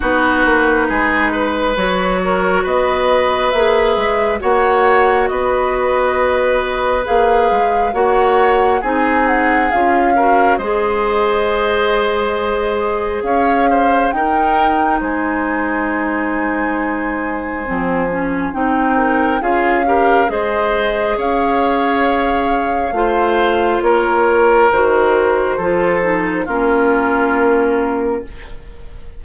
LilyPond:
<<
  \new Staff \with { instrumentName = "flute" } { \time 4/4 \tempo 4 = 68 b'2 cis''4 dis''4 | e''4 fis''4 dis''2 | f''4 fis''4 gis''8 fis''8 f''4 | dis''2. f''4 |
g''4 gis''2.~ | gis''4 g''4 f''4 dis''4 | f''2. cis''4 | c''2 ais'2 | }
  \new Staff \with { instrumentName = "oboe" } { \time 4/4 fis'4 gis'8 b'4 ais'8 b'4~ | b'4 cis''4 b'2~ | b'4 cis''4 gis'4. ais'8 | c''2. cis''8 c''8 |
ais'4 c''2.~ | c''4. ais'8 gis'8 ais'8 c''4 | cis''2 c''4 ais'4~ | ais'4 a'4 f'2 | }
  \new Staff \with { instrumentName = "clarinet" } { \time 4/4 dis'2 fis'2 | gis'4 fis'2. | gis'4 fis'4 dis'4 f'8 fis'8 | gis'1 |
dis'1 | c'8 cis'8 dis'4 f'8 g'8 gis'4~ | gis'2 f'2 | fis'4 f'8 dis'8 cis'2 | }
  \new Staff \with { instrumentName = "bassoon" } { \time 4/4 b8 ais8 gis4 fis4 b4 | ais8 gis8 ais4 b2 | ais8 gis8 ais4 c'4 cis'4 | gis2. cis'4 |
dis'4 gis2. | f4 c'4 cis'4 gis4 | cis'2 a4 ais4 | dis4 f4 ais2 | }
>>